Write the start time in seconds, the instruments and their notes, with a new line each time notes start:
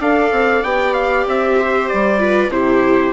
0.00 bassoon D4, viola A4 D5, trumpet F5
0.32 bassoon C4
0.64 bassoon B3, viola G4, trumpet G5
0.94 trumpet F5
1.27 bassoon C4, trumpet E5
1.60 viola C5
1.89 bassoon G3, trumpet D5
2.19 viola F4 B4
2.50 bassoon C3, viola E4 G4, trumpet C5